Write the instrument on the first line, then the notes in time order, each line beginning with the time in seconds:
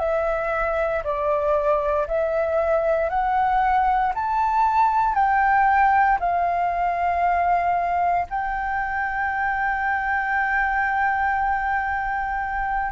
flute
0.00 E5
1.04 D5
2.08 E5
3.10 F#5
4.15 A5
5.15 G5
6.20 F5
8.30 G5